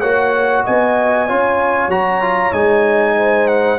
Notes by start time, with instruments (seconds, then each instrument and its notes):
0.00 tuba A#3, trombone F#4, horn C#5, trumpet F#5
0.64 tuba B3, horn D#5, trumpet G#5
1.26 tuba C#4, trombone F4, horn C#5
1.88 tuba F#3, trombone F#4, trumpet A#5
2.21 trombone F4
2.52 tuba G#3, trombone D#4, trumpet G#5
3.17 horn C5
3.47 trumpet F#5